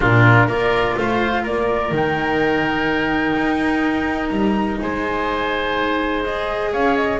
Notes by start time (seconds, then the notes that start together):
0.00 A#2 D4 F4 A#4
0.46 A#3 F4 A#4 D5
0.97 A3 C5 F5
1.42 A#3 A#4 D5
1.91 D#3 D#4 G5
3.35 D#4
4.28 G3 A#5
4.81 G#3 C5 G#5
6.24 G#4 D#5
6.71 C#4 C#5 F5
6.96 D#5